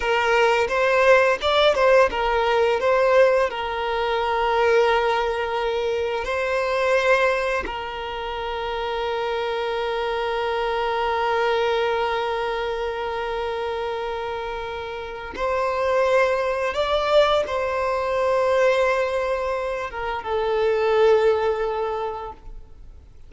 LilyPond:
\new Staff \with { instrumentName = "violin" } { \time 4/4 \tempo 4 = 86 ais'4 c''4 d''8 c''8 ais'4 | c''4 ais'2.~ | ais'4 c''2 ais'4~ | ais'1~ |
ais'1~ | ais'2 c''2 | d''4 c''2.~ | c''8 ais'8 a'2. | }